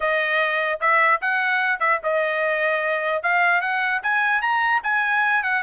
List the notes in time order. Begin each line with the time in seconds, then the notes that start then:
0.00 D#5
0.80 E5
1.21 F#5
1.79 E5
2.03 D#5
3.23 F5
3.61 F#5
4.02 G#5
4.41 A#5
4.83 G#5
5.43 F#5